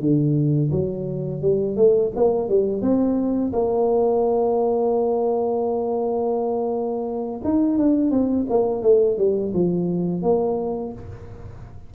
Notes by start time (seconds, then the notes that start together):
0.00 D3
0.72 F#3
1.42 G3
1.76 A3
2.16 A#3
2.49 G3
2.82 C4
3.53 A#3
7.44 D#4
7.78 D4
8.11 C4
8.50 A#3
8.82 A3
9.18 G3
9.54 F3
10.23 A#3